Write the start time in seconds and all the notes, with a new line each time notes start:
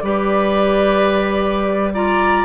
0.00 G3 G4 B4 D5
1.94 F4 D5 A#5